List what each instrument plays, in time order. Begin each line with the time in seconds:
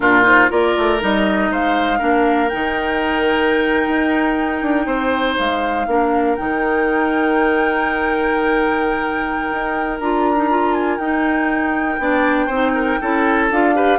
0.00 bassoon A#2, clarinet D4, oboe F4, flute A#4
0.23 clarinet D#4, flute C5
0.49 bassoon A#3, clarinet F4, oboe A#4, flute D5
0.77 bassoon A3
1.00 bassoon G3, clarinet D#4, flute D#5
1.50 bassoon G#3, oboe C5, flute F5
1.98 bassoon A#3, clarinet D4, oboe A#4
2.48 clarinet D#4, flute G5
2.54 bassoon D#3
3.87 bassoon D#4
4.62 bassoon D4
4.86 bassoon C4, oboe C5
5.37 bassoon G#3, flute F5
5.86 bassoon A#3, clarinet D4, oboe A#4
6.35 bassoon D#3, clarinet D#4, flute G5
9.51 bassoon D#4
9.99 bassoon D4, clarinet F4, flute A#5
10.35 clarinet D#4
10.49 clarinet F4
10.73 flute G#5
10.97 bassoon D#4, clarinet D#4, flute G5
11.98 bassoon B3, clarinet D4, oboe D5
12.46 bassoon C4, clarinet D#4, oboe C5
12.74 oboe A#4
13.00 bassoon C#4, clarinet E4, oboe A4
13.50 bassoon D4, clarinet F4, flute F5
13.74 clarinet G4, oboe B4